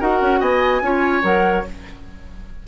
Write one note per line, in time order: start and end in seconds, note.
0.00 0.21 D#4
0.00 0.82 F#4
0.00 0.40 A#4
0.00 0.41 F#5
0.21 0.41 C#4
0.40 0.81 B3
0.40 0.81 D#5
0.40 1.23 G#5
0.81 1.22 C#4
0.81 1.23 F4
0.81 1.67 C#5
1.23 1.64 F#3
1.23 1.64 A#4
1.23 1.65 F#5